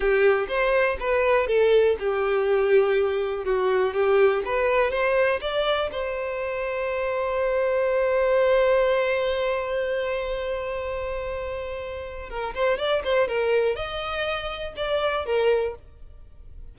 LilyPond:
\new Staff \with { instrumentName = "violin" } { \time 4/4 \tempo 4 = 122 g'4 c''4 b'4 a'4 | g'2. fis'4 | g'4 b'4 c''4 d''4 | c''1~ |
c''1~ | c''1~ | c''4 ais'8 c''8 d''8 c''8 ais'4 | dis''2 d''4 ais'4 | }